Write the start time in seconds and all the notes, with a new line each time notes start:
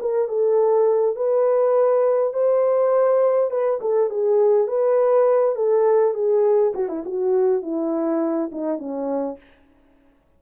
0.00 A#4
0.29 A4
1.16 B4
2.34 C5
3.51 B4
3.82 A4
4.10 G#4
4.68 B4
5.56 A4
6.15 G#4
6.75 F#4
6.89 E4
7.06 F#4
7.63 E4
8.52 D#4
8.79 C#4